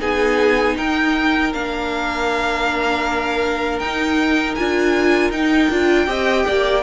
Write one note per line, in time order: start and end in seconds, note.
0.00 0.78 B3
0.00 1.52 D#4
0.00 0.76 G#4
0.00 0.78 G#5
0.77 1.54 D#4
0.77 6.08 A#4
0.77 1.53 G5
1.54 3.79 A#3
1.54 3.82 D4
1.54 3.79 F5
3.79 4.55 D#4
3.79 4.58 D#4
3.79 4.55 G5
4.55 5.31 D4
4.55 5.33 F4
4.55 5.31 G#5
5.31 5.69 D#4
5.31 5.71 D#4
5.31 6.84 G5
5.70 6.08 D4
5.70 6.07 F4
6.07 6.46 C4
6.07 6.83 G4
6.07 6.46 D#5
6.47 6.84 A#3
6.47 6.84 D5